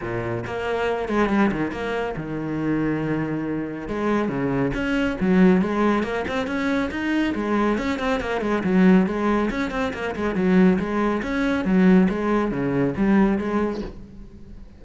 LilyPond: \new Staff \with { instrumentName = "cello" } { \time 4/4 \tempo 4 = 139 ais,4 ais4. gis8 g8 dis8 | ais4 dis2.~ | dis4 gis4 cis4 cis'4 | fis4 gis4 ais8 c'8 cis'4 |
dis'4 gis4 cis'8 c'8 ais8 gis8 | fis4 gis4 cis'8 c'8 ais8 gis8 | fis4 gis4 cis'4 fis4 | gis4 cis4 g4 gis4 | }